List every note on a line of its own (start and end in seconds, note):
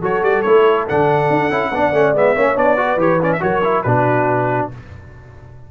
0.00 0.23 F#3
0.00 0.45 F#4
0.00 1.70 A4
0.00 0.24 C#5
0.23 0.44 G3
0.23 0.42 D5
0.42 0.89 A3
0.42 0.88 E4
0.42 0.85 C#5
0.89 1.30 D3
0.89 1.51 D4
0.89 2.16 F#5
1.30 1.51 D4
1.51 1.72 C#4
1.51 1.72 E4
1.72 1.92 B3
1.72 1.94 D4
1.72 2.36 D5
1.92 2.13 A3
1.92 2.15 C#4
2.13 2.35 G#3
2.13 2.36 B3
2.13 2.58 E5
2.36 2.57 A#3
2.36 2.56 C#4
2.36 2.78 C#5
2.56 2.97 B3
2.56 2.77 D4
2.56 3.00 D5
2.77 2.98 F#4
2.77 3.42 B4
2.97 3.39 E3
2.97 3.20 G4
2.97 3.22 C#5
3.22 3.40 C#4
3.22 3.33 D5
3.33 3.43 E5
3.40 3.85 F#3
3.40 3.62 F#4
3.40 3.85 A#4
3.40 3.83 C#5
3.64 3.85 E4
3.83 4.71 B2
3.83 4.72 D4
3.83 4.70 F#4
3.83 4.68 B4